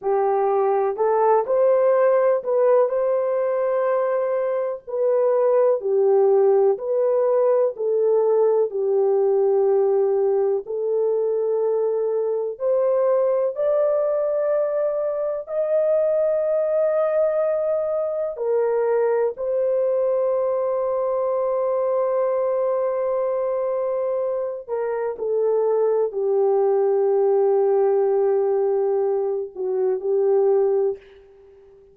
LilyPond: \new Staff \with { instrumentName = "horn" } { \time 4/4 \tempo 4 = 62 g'4 a'8 c''4 b'8 c''4~ | c''4 b'4 g'4 b'4 | a'4 g'2 a'4~ | a'4 c''4 d''2 |
dis''2. ais'4 | c''1~ | c''4. ais'8 a'4 g'4~ | g'2~ g'8 fis'8 g'4 | }